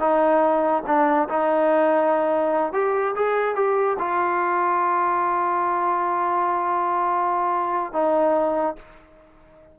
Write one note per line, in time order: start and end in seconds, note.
0.00 0.83 D#4
0.87 1.29 D4
1.29 2.73 D#4
2.73 3.15 G4
3.16 3.56 G#4
3.56 3.97 G4
3.99 7.93 F4
7.93 8.76 D#4